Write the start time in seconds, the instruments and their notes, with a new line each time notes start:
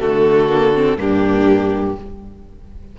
0.00 cello D3, viola A3, violin F#4 A4
0.49 viola A#3
0.76 viola C4
0.97 cello G2, viola A#3, violin D4 G4